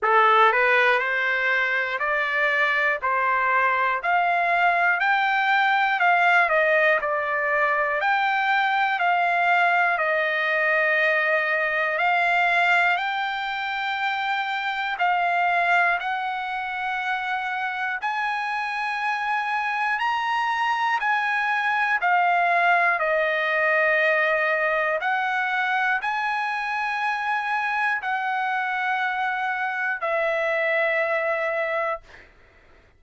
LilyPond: \new Staff \with { instrumentName = "trumpet" } { \time 4/4 \tempo 4 = 60 a'8 b'8 c''4 d''4 c''4 | f''4 g''4 f''8 dis''8 d''4 | g''4 f''4 dis''2 | f''4 g''2 f''4 |
fis''2 gis''2 | ais''4 gis''4 f''4 dis''4~ | dis''4 fis''4 gis''2 | fis''2 e''2 | }